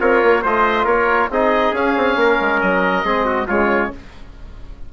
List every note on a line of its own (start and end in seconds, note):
0.00 0.22 C4
0.00 0.42 F4
0.00 0.44 A#4
0.00 0.44 C#5
0.23 0.44 A#3
0.42 0.85 A3
0.42 1.31 F4
0.42 0.85 C5
0.42 0.86 D#5
0.85 1.29 A#3
0.85 1.29 A#4
0.85 1.30 C#5
1.30 1.72 C4
1.30 1.76 D#4
1.30 2.19 G#4
1.30 1.76 D#5
1.72 1.94 C#4
1.72 3.04 C#4
1.72 2.61 F5
1.97 2.16 C4
2.16 2.38 A#3
2.16 3.05 A#4
2.40 2.62 G#3
2.61 3.04 F#3
2.61 3.48 D#5
3.04 3.48 G#3
3.04 3.48 C4
3.04 3.25 G#4
3.25 3.47 F#4
3.48 3.93 C#3
3.48 3.93 G#3
3.48 3.91 F4
3.48 3.92 C#5